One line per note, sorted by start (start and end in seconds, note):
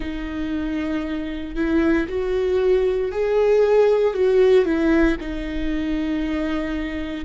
0.00 1.55 D#4
1.55 2.07 E4
2.08 3.11 F#4
3.11 4.14 G#4
4.14 4.65 F#4
4.65 5.16 E4
5.20 7.24 D#4